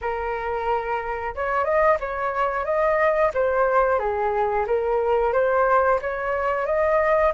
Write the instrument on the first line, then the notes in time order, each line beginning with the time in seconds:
flute
0.01 A#4
1.35 C#5
1.64 D#5
2.00 C#5
2.65 D#5
3.34 C5
3.98 G#4
4.67 A#4
5.32 C5
6.01 C#5
6.65 D#5